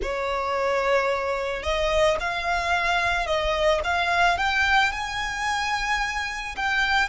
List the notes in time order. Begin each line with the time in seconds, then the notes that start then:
0.02 C#5
1.62 D#5
2.20 F5
3.26 D#5
3.83 F5
4.37 G5
4.92 G#5
6.56 G5